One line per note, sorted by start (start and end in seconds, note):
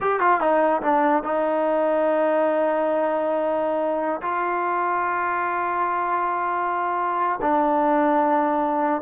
0.01 0.20 G4
0.20 0.40 F4
0.40 0.81 D#4
0.82 1.23 D4
1.23 4.21 D#4
4.21 7.40 F4
7.41 9.01 D4